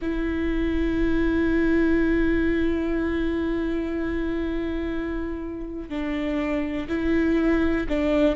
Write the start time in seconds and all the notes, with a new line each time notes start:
0.01 E4
5.89 D4
6.88 E4
7.89 D4